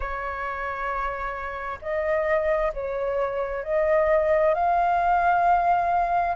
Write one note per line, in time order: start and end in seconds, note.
0.00 1.78 C#5
1.81 2.72 D#5
2.73 3.63 C#5
3.63 4.54 D#5
4.54 6.35 F5